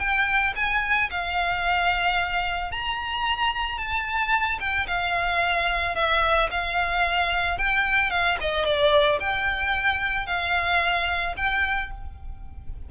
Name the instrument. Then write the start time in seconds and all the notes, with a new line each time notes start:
violin
0.00 G5
0.56 G#5
1.11 F5
2.72 A#5
3.78 A5
4.60 G5
4.88 F5
5.96 E5
6.52 F5
7.58 G5
8.11 F5
8.41 D#5
8.66 D5
9.20 G5
10.27 F5
11.37 G5